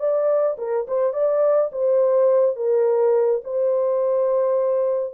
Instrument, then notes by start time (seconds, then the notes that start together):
horn
0.00 D5
0.58 A#4
0.88 C5
1.14 D5
1.72 C5
2.56 A#4
3.45 C5